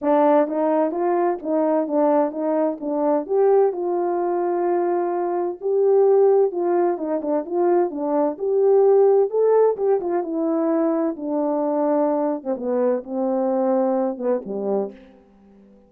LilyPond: \new Staff \with { instrumentName = "horn" } { \time 4/4 \tempo 4 = 129 d'4 dis'4 f'4 dis'4 | d'4 dis'4 d'4 g'4 | f'1 | g'2 f'4 dis'8 d'8 |
f'4 d'4 g'2 | a'4 g'8 f'8 e'2 | d'2~ d'8. c'16 b4 | c'2~ c'8 b8 g4 | }